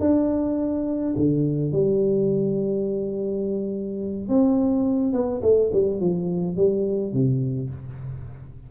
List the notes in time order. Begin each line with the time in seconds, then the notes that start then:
0.00 D4
1.16 D3
1.72 G3
4.29 C4
5.13 B3
5.42 A3
5.72 G3
6.00 F3
6.56 G3
7.13 C3